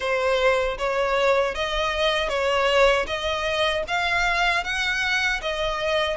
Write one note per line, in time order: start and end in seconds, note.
0.00 0.77 C5
0.77 1.54 C#5
1.54 2.29 D#5
2.29 3.06 C#5
3.06 3.83 D#5
3.87 4.64 F5
4.64 5.41 F#5
5.41 6.16 D#5